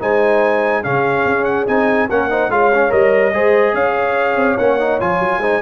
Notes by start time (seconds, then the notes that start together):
0.00 G#3 D#4 C5 G#5
0.83 C#3 C#4 G#4 F5
1.25 C#4
1.44 F#5
1.67 C4 D#4 G#5
2.08 A#3 C#4 A#4 F#5
2.30 D#4 C5
2.49 G#3 F4 C#5 F5
2.73 C#4
2.89 G3 A#4 D#5
3.32 G#3 G#4 C5
3.73 C#4 C#5 F5
4.35 C4
4.57 A#3 C#4 F#5
4.79 D#4
5.00 F3 F4 G#5
5.19 F#3
5.38 G#3 D#4 C5